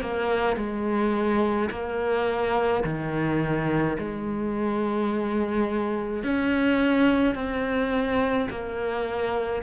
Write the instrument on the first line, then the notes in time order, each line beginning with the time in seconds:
cello
0.00 A#3
0.56 G#3
1.70 A#3
2.84 D#3
3.98 G#3
6.23 C#4
7.34 C4
8.50 A#3